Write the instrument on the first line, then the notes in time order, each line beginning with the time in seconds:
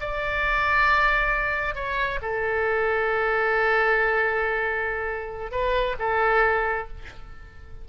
oboe
0.00 D5
1.75 C#5
2.22 A4
5.51 B4
5.99 A4